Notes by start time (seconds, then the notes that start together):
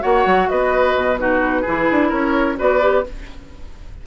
0.00 A#3 F#4 C#5 F#5
0.26 F#3
0.49 B3 B4 D#5
0.95 B2
1.19 D#4 F#4 B4
1.61 E3 E4 G#4
1.91 D4
2.09 C#4 A#4 C#5
2.57 B3 F#4 B4 D5
2.81 G4